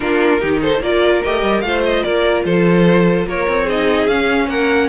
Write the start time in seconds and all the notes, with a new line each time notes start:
0.00 A#3 D4 F4 A#4
0.40 D#3 D#4 G4
0.61 A4 C5
0.80 A#3 F4 A#4 D5
1.23 A3 G4 D#5
1.42 G3
1.61 A3 F4 F5
1.67 C5
1.85 D#5
2.02 A#3 A#4 D5
2.44 F3 A4 C5
3.26 A#3 A#4 C#5
3.47 C4
3.64 D#4 G#4 D#5
4.07 C#4 F5
4.47 A#3 A#4 F#5